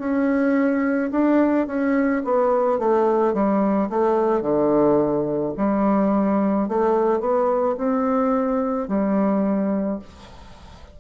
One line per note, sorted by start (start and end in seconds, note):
0.00 1.11 C#4
1.12 1.67 D4
1.67 2.23 C#4
2.25 2.79 B3
2.79 3.34 A3
3.34 3.89 G3
3.90 4.42 A3
4.42 5.53 D3
5.58 6.69 G3
6.69 7.21 A3
7.21 7.76 B3
7.78 8.88 C4
8.88 9.99 G3